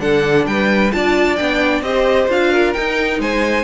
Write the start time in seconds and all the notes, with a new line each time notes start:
0.00 D3 D4 A4 F#5
0.46 G3 B4 G5
0.92 D4 F4 D5 A5
1.36 B3 D4 G5
1.81 C4 G4 C5 D#5
2.29 D4 F4 F5
2.52 A#4
2.74 D#4 G5
3.19 G#3 C5 G#5